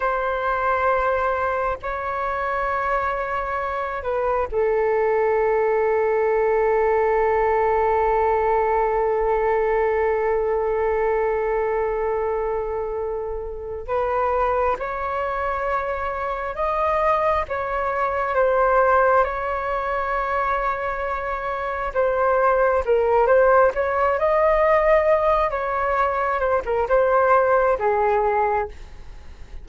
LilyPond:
\new Staff \with { instrumentName = "flute" } { \time 4/4 \tempo 4 = 67 c''2 cis''2~ | cis''8 b'8 a'2.~ | a'1~ | a'2.~ a'8 b'8~ |
b'8 cis''2 dis''4 cis''8~ | cis''8 c''4 cis''2~ cis''8~ | cis''8 c''4 ais'8 c''8 cis''8 dis''4~ | dis''8 cis''4 c''16 ais'16 c''4 gis'4 | }